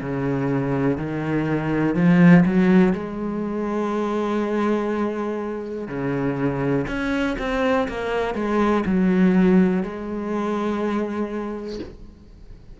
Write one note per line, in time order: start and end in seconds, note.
0.00 0.97 C#3
0.97 1.94 D#3
1.94 2.44 F3
2.45 2.92 F#3
2.92 5.87 G#3
5.87 6.86 C#3
6.87 7.36 C#4
7.39 7.88 C4
7.88 8.34 A#3
8.34 8.83 G#3
8.85 9.82 F#3
9.82 11.79 G#3